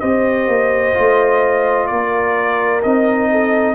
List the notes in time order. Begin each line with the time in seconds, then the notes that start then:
0.00 C4 G4 C5 D#5
0.47 A#3
0.94 A3 F4
1.87 A#3 A#4 D5
2.83 C4 D#4 D#5
3.31 A4